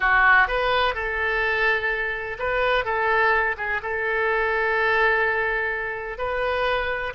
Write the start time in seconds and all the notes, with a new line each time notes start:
0.00 F#4
0.47 B4
0.94 A4
2.39 B4
2.84 A4
3.57 G#4
3.82 A4
6.18 B4